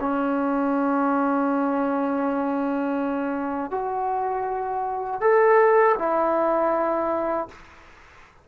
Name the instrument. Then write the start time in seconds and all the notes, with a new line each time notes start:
trombone
0.00 C#4
3.71 F#4
5.21 A4
5.99 E4